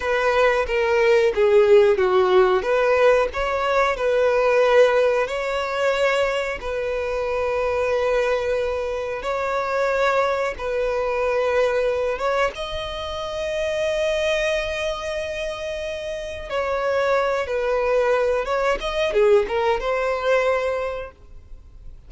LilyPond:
\new Staff \with { instrumentName = "violin" } { \time 4/4 \tempo 4 = 91 b'4 ais'4 gis'4 fis'4 | b'4 cis''4 b'2 | cis''2 b'2~ | b'2 cis''2 |
b'2~ b'8 cis''8 dis''4~ | dis''1~ | dis''4 cis''4. b'4. | cis''8 dis''8 gis'8 ais'8 c''2 | }